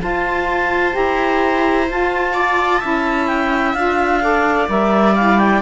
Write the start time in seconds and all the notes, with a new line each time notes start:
0.00 F4 C5 A5
0.92 E4 G4 A#5
1.89 F4 A5
2.33 D5
2.80 C#4 E4 E5
3.27 G5
3.74 D4 F4 F5
4.22 A4 D5
4.67 G3 A#4 E5
5.16 E4 F5
5.39 G5